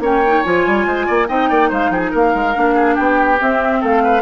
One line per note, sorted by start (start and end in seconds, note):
0.00 0.42 A#3
0.00 0.23 C#4
0.00 0.87 C#5
0.00 0.43 G5
0.27 0.44 D#4
0.43 0.67 F3
0.43 1.28 F4
0.43 1.28 G#5
0.67 0.86 G3
0.86 1.07 G#3
0.86 1.06 C5
1.06 1.29 A#3
1.06 1.27 D5
1.28 1.50 C4
1.28 2.54 D#4
1.28 1.50 D#5
1.28 1.71 G5
1.50 1.72 A#3
1.50 1.69 D5
1.69 1.90 G#3
1.69 1.90 C5
1.69 1.92 F5
1.90 2.11 F3
1.90 2.11 G#4
1.90 2.00 G5
2.00 2.10 G#5
2.11 2.34 A#3
2.11 2.74 A#4
2.11 2.96 F5
2.34 2.56 G#3
2.54 2.99 A#3
2.54 3.39 D4
2.75 2.95 G#4
2.95 3.41 B3
2.95 3.79 G4
2.95 3.39 G5
3.39 4.22 C4
3.39 3.83 C4
3.39 3.84 E5
3.81 4.22 A3
3.81 4.02 A4
3.81 4.22 F5
4.04 4.22 B4